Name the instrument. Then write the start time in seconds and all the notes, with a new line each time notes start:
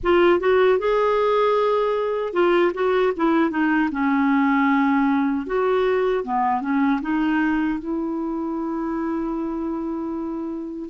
clarinet
0.03 F4
0.40 F#4
0.78 G#4
2.33 F4
2.73 F#4
3.16 E4
3.50 D#4
3.91 C#4
5.46 F#4
6.24 B3
6.61 C#4
7.01 D#4
7.79 E4